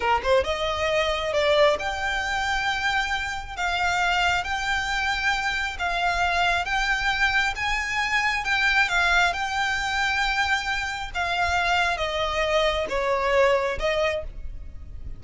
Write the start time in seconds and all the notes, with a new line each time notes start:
0.00 A#4
0.23 C5
0.44 D#5
1.33 D5
1.79 G5
3.56 F5
4.44 G5
5.78 F5
6.65 G5
7.55 G#5
8.44 G5
8.88 F5
9.33 G5
11.14 F5
11.97 D#5
12.89 C#5
13.79 D#5